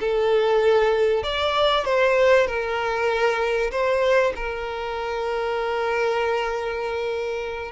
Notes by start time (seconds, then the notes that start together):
0.00 A4
1.23 D5
1.85 C5
2.47 A#4
3.71 C5
4.36 A#4